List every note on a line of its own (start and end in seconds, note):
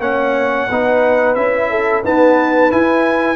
0.00 0.67 A#3
0.00 0.68 C#4
0.00 0.69 C#5
0.00 1.35 F#5
0.70 1.36 B3
0.70 1.37 D#4
0.70 1.71 B4
1.35 2.04 C#4
1.35 2.04 E4
1.35 2.03 E5
1.71 2.03 A4
2.03 2.71 B3
2.03 2.72 D#4
2.03 3.36 B4
2.03 2.72 A5
2.71 3.36 E4
2.71 3.36 G#5